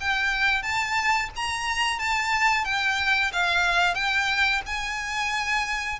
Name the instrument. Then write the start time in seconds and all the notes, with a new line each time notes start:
violin
0.00 G5
0.62 A5
1.35 A#5
1.98 A5
2.65 G5
3.32 F5
3.95 G5
4.66 G#5